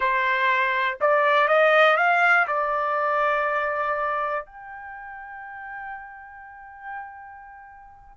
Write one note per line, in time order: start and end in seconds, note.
0.00 0.98 C5
1.01 1.48 D5
1.48 1.97 D#5
1.97 2.46 F5
2.47 4.45 D5
4.45 8.16 G5